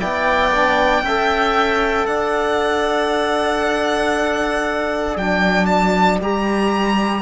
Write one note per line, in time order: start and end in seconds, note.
0.00 1.02 B3
0.00 0.52 E4
0.00 1.04 D5
0.00 2.06 G5
0.52 1.04 D4
1.02 2.06 C#4
1.02 2.08 E5
1.08 5.21 A4
2.06 5.17 D4
2.06 7.22 D5
2.06 5.17 F#5
5.17 6.20 F#3
5.17 6.22 D4
5.17 5.66 G5
5.66 6.18 A5
6.21 7.22 G3
6.21 7.22 G4
6.21 7.22 A#5